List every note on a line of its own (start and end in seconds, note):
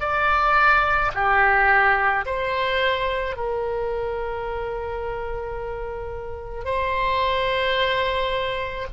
0.00 1.11 D5
1.14 2.25 G4
2.26 3.36 C5
3.36 6.65 A#4
6.65 8.87 C5